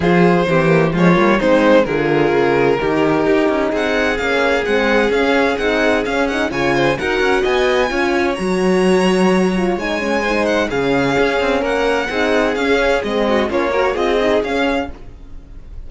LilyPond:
<<
  \new Staff \with { instrumentName = "violin" } { \time 4/4 \tempo 4 = 129 c''2 cis''4 c''4 | ais'1 | fis''4 f''4 fis''4 f''4 | fis''4 f''8 fis''8 gis''4 fis''4 |
gis''2 ais''2~ | ais''4 gis''4. fis''8 f''4~ | f''4 fis''2 f''4 | dis''4 cis''4 dis''4 f''4 | }
  \new Staff \with { instrumentName = "violin" } { \time 4/4 gis'4 g'4 f'4 dis'4 | gis'2 g'2 | gis'1~ | gis'2 cis''8 c''8 ais'4 |
dis''4 cis''2.~ | cis''2 c''4 gis'4~ | gis'4 ais'4 gis'2~ | gis'8 fis'8 f'8 ais'8 gis'2 | }
  \new Staff \with { instrumentName = "horn" } { \time 4/4 f'4 c'8 ais8 gis8 ais8 c'4 | f'2 dis'2~ | dis'4 cis'4 c'4 cis'4 | dis'4 cis'8 dis'8 f'4 fis'4~ |
fis'4 f'4 fis'2~ | fis'8 f'8 dis'8 cis'8 dis'4 cis'4~ | cis'2 dis'4 cis'4 | c'4 cis'8 fis'8 f'8 dis'8 cis'4 | }
  \new Staff \with { instrumentName = "cello" } { \time 4/4 f4 e4 f8 g8 gis4 | d4 cis4 dis4 dis'8 cis'8 | c'4 ais4 gis4 cis'4 | c'4 cis'4 cis4 dis'8 cis'8 |
b4 cis'4 fis2~ | fis4 gis2 cis4 | cis'8 c'8 ais4 c'4 cis'4 | gis4 ais4 c'4 cis'4 | }
>>